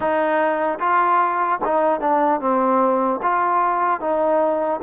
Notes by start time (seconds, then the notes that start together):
0.00 D#4
0.79 F4
1.64 D#4
2.00 D4
2.40 C4
3.22 F4
4.00 D#4